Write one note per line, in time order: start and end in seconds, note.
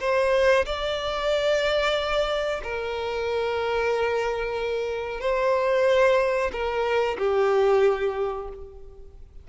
0.00 0.65 C5
0.66 2.61 D5
2.64 5.21 A#4
5.21 6.51 C5
6.52 7.17 A#4
7.18 8.49 G4